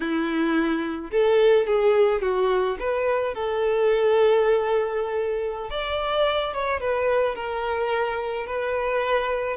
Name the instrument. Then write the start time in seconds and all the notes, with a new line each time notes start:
violin
0.00 E4
1.11 A4
1.66 G#4
2.21 F#4
2.79 B4
3.34 A4
5.70 D5
6.53 C#5
6.80 B4
7.35 A#4
8.46 B4